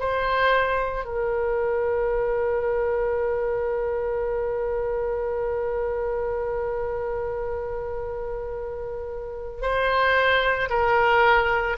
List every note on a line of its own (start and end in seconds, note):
0.00 1.05 C5
1.05 9.62 A#4
9.62 10.69 C5
10.70 11.77 A#4